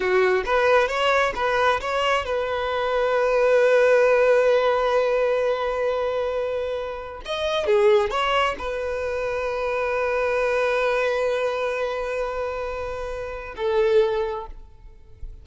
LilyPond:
\new Staff \with { instrumentName = "violin" } { \time 4/4 \tempo 4 = 133 fis'4 b'4 cis''4 b'4 | cis''4 b'2.~ | b'1~ | b'1 |
dis''4 gis'4 cis''4 b'4~ | b'1~ | b'1~ | b'2 a'2 | }